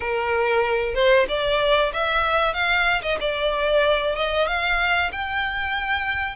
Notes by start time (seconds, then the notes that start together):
0.00 A#4
0.94 C5
1.28 D5
1.93 E5
2.53 F5
3.02 D#5
3.20 D5
4.15 D#5
4.47 F5
5.12 G5